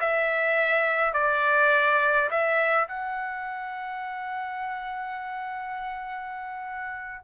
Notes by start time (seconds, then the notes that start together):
0.00 E5
1.13 D5
2.30 E5
2.88 F#5